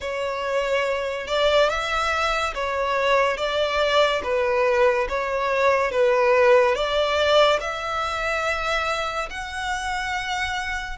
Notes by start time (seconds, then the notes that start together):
0.00 C#5
1.27 D5
1.69 E5
2.54 C#5
3.37 D5
4.23 B4
5.09 C#5
5.91 B4
6.75 D5
7.60 E5
9.30 F#5